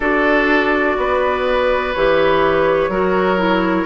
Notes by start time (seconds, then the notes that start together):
0.00 D4 F#4 A4 D5
0.97 B3 B4
1.93 E3 G4 C#5
2.88 F#3 F#4 A#4
3.37 E4